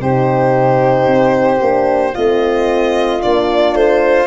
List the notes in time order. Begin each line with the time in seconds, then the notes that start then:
0.00 C3 D#4 G4 C5
1.07 C4
1.61 A#3 D4
2.15 A3 C4 F4 D#5
3.22 A#3 D4 D5
3.74 A3 C5